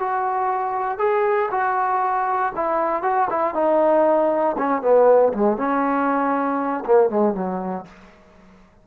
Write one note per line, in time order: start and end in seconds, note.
0.00 0.99 F#4
0.99 1.50 G#4
1.51 2.53 F#4
2.56 3.03 E4
3.03 3.28 F#4
3.31 3.55 E4
3.55 4.56 D#4
4.58 4.82 C#4
4.82 5.33 B3
5.34 5.57 G#3
5.57 6.85 C#4
6.86 7.10 A#3
7.10 7.35 G#3
7.35 7.86 F#3